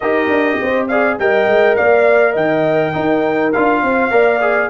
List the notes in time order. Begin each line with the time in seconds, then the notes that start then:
0.00 D#4 G4 A#4 D#5
0.27 D4
0.61 C4 C5
0.87 G#4 D5 F5
1.18 G3 A#4 D#5 G5
1.46 G#3
1.75 A#3 D5 F5
2.31 D#3 D#5 G5
2.93 D#4 A#4
3.52 D4 F4 F5
3.82 C4 C5
4.10 A#3 A#4 D5
4.41 G#4